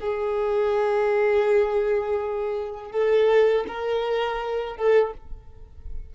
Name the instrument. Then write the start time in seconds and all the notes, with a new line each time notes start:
violin
0.00 G#4
2.92 A4
3.68 A#4
4.76 A4